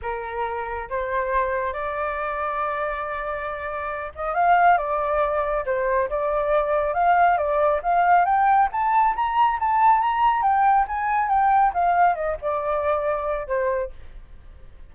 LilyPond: \new Staff \with { instrumentName = "flute" } { \time 4/4 \tempo 4 = 138 ais'2 c''2 | d''1~ | d''4. dis''8 f''4 d''4~ | d''4 c''4 d''2 |
f''4 d''4 f''4 g''4 | a''4 ais''4 a''4 ais''4 | g''4 gis''4 g''4 f''4 | dis''8 d''2~ d''8 c''4 | }